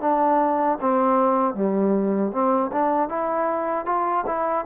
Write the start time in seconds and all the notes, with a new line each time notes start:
0.00 D4
0.80 C4
1.54 G3
2.32 C4
2.72 D4
3.09 E4
3.85 F4
4.26 E4